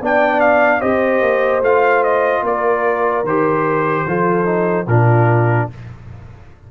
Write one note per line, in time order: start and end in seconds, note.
0.00 0.81 B3
0.00 0.80 D4
0.00 0.80 D5
0.00 0.40 G5
0.40 0.81 F5
0.80 1.21 C4
0.80 1.61 G4
0.80 2.42 C5
0.80 1.62 D#5
1.21 1.61 A#3
1.61 2.42 A3
1.61 3.24 F4
1.61 2.03 F5
2.03 2.44 D#5
2.42 3.23 A#3
2.42 4.05 A#4
2.42 3.26 D5
3.23 4.04 D#3
3.23 4.07 G4
3.23 4.88 C5
4.06 4.86 F3
4.06 4.45 F4
4.06 4.86 A4
4.45 4.85 D#4
4.86 5.67 A#2
4.86 5.71 D4
4.86 5.67 F4
4.86 5.69 A#4